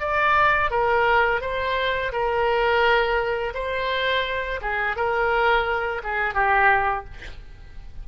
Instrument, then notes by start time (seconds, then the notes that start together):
oboe
0.00 D5
0.71 A#4
1.41 C5
2.12 A#4
3.54 C5
4.61 G#4
4.96 A#4
6.03 G#4
6.34 G4